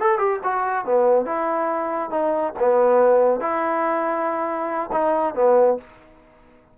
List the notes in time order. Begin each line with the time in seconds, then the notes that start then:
0.00 A4
0.18 G4
0.43 F#4
0.85 B3
1.26 E4
2.10 D#4
2.59 B3
3.41 E4
4.92 D#4
5.35 B3